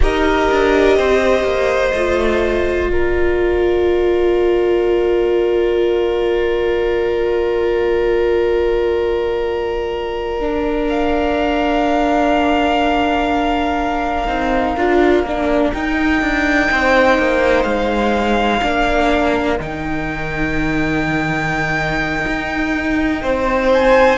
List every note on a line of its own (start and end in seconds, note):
0.00 0.49 D#4
0.00 1.93 G4
0.00 0.97 A#4
0.00 2.89 D#5
0.50 0.97 D4
0.97 1.43 C4
0.97 2.90 C5
1.43 1.92 A#3
1.93 2.88 A3
1.93 10.40 F4
2.88 14.25 A#3
2.88 16.70 A#4
2.88 10.87 D5
10.40 14.26 D4
10.89 15.72 F5
14.26 14.75 C4
14.26 14.75 D#4
14.76 15.24 D4
14.76 15.25 F4
15.24 15.72 A#3
15.24 15.75 D4
15.72 16.21 D#4
15.72 18.61 D#4
15.72 17.63 G5
16.21 16.69 D4
16.71 17.18 C4
16.71 18.62 C5
17.18 17.64 A#3
17.63 18.61 G#3
17.63 19.56 F5
18.61 19.59 A#3
18.61 19.58 D4
18.61 23.22 A#4
19.59 22.25 D#3
19.59 24.18 D#4
19.59 23.72 G5
22.26 23.23 D#4
23.22 24.18 C4
23.22 24.18 C5
23.73 24.18 G#5